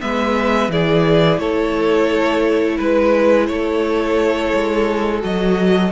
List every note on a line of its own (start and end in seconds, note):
0.00 0.69 G#3
0.00 0.70 B3
0.00 0.71 B4
0.00 0.70 E5
0.69 1.38 E3
0.69 5.20 E4
0.69 1.40 G#4
0.69 1.39 D5
1.38 2.78 A3
1.38 2.76 A4
1.38 2.78 C#5
2.76 3.49 G#3
2.76 3.46 B4
2.76 3.47 B4
3.47 4.53 A3
3.47 5.92 A4
3.47 5.21 C#5
4.53 5.23 G#3
5.20 5.92 F#3
5.20 5.90 F#4
5.20 5.92 D#5